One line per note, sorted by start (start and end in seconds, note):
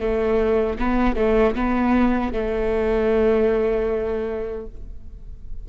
0.00 0.78 A3
0.79 1.16 B3
1.16 1.55 A3
1.55 2.33 B3
2.33 4.67 A3